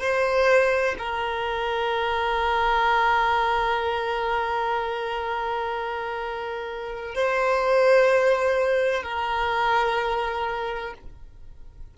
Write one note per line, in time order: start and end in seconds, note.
0.00 0.95 C5
0.99 7.15 A#4
7.15 9.03 C5
9.03 10.94 A#4